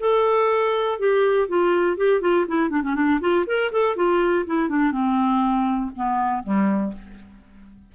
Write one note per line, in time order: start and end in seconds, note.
0.00 0.99 A4
0.99 1.48 G4
1.48 1.97 F4
1.97 2.21 G4
2.21 2.46 F4
2.48 2.70 E4
2.70 2.83 D4
2.83 2.95 C#4
2.95 3.20 D4
3.21 3.46 F4
3.47 3.71 A#4
3.72 3.96 A4
3.96 4.46 F4
4.47 4.69 E4
4.69 4.92 D4
4.92 5.91 C4
5.96 6.43 B3
6.43 6.93 G3